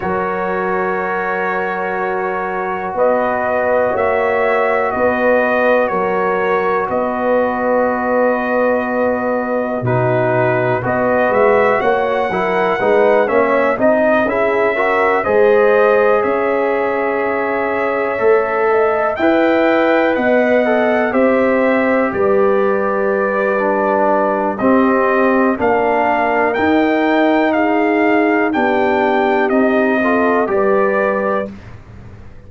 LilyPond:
<<
  \new Staff \with { instrumentName = "trumpet" } { \time 4/4 \tempo 4 = 61 cis''2. dis''4 | e''4 dis''4 cis''4 dis''4~ | dis''2 b'4 dis''8 e''8 | fis''4. e''8 dis''8 e''4 dis''8~ |
dis''8 e''2. g''8~ | g''8 fis''4 e''4 d''4.~ | d''4 dis''4 f''4 g''4 | f''4 g''4 dis''4 d''4 | }
  \new Staff \with { instrumentName = "horn" } { \time 4/4 ais'2. b'4 | cis''4 b'4 ais'4 b'4~ | b'2 fis'4 b'4 | cis''8 ais'8 b'8 cis''8 dis''8 gis'8 ais'8 c''8~ |
c''8 cis''2~ cis''8 dis''8 e''8~ | e''8 dis''4 c''4 b'4.~ | b'4 g'4 ais'2 | gis'4 g'4. a'8 b'4 | }
  \new Staff \with { instrumentName = "trombone" } { \time 4/4 fis'1~ | fis'1~ | fis'2 dis'4 fis'4~ | fis'8 e'8 dis'8 cis'8 dis'8 e'8 fis'8 gis'8~ |
gis'2~ gis'8 a'4 b'8~ | b'4 a'8 g'2~ g'8 | d'4 c'4 d'4 dis'4~ | dis'4 d'4 dis'8 f'8 g'4 | }
  \new Staff \with { instrumentName = "tuba" } { \time 4/4 fis2. b4 | ais4 b4 fis4 b4~ | b2 b,4 b8 gis8 | ais8 fis8 gis8 ais8 c'8 cis'4 gis8~ |
gis8 cis'2 a4 e'8~ | e'8 b4 c'4 g4.~ | g4 c'4 ais4 dis'4~ | dis'4 b4 c'4 g4 | }
>>